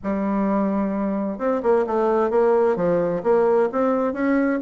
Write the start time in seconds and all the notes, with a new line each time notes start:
0.03 G3
1.38 C4
1.62 A#3
1.87 A3
2.30 A#3
2.76 F3
3.23 A#3
3.72 C4
4.13 C#4